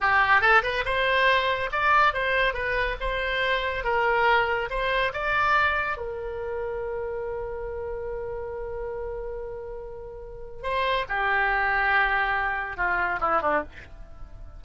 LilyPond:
\new Staff \with { instrumentName = "oboe" } { \time 4/4 \tempo 4 = 141 g'4 a'8 b'8 c''2 | d''4 c''4 b'4 c''4~ | c''4 ais'2 c''4 | d''2 ais'2~ |
ais'1~ | ais'1~ | ais'4 c''4 g'2~ | g'2 f'4 e'8 d'8 | }